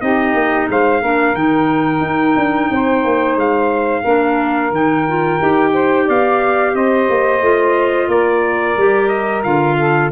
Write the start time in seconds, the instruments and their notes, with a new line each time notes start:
0.00 tuba C4, clarinet D#4, saxophone G4, trumpet D#5
0.35 tuba A#3
0.69 tuba G#3, saxophone C5, trumpet F5
1.02 tuba A#3, clarinet D4, saxophone A#4
1.34 tuba D#3, clarinet D#4, trumpet G5
2.01 tuba D#4
2.36 tuba D4
2.71 tuba C4, saxophone C5
3.04 tuba A#3
3.36 tuba G#3, trumpet F5
4.03 tuba A#3, clarinet D4, saxophone A#4
4.71 tuba D#3, clarinet D#4, trumpet G5
5.08 clarinet F4
5.40 tuba D#4, clarinet G4
5.73 saxophone C5
6.06 tuba B3, saxophone D5, trumpet F5
6.75 tuba C4, saxophone C5, trumpet D#5
7.10 tuba A#3
7.41 tuba A3, clarinet F4
8.08 tuba A#3, saxophone A#4, trumpet D5
8.77 tuba G3, clarinet G4
9.09 trumpet D#5
9.44 tuba D3, clarinet F4, trumpet F5
9.78 saxophone A4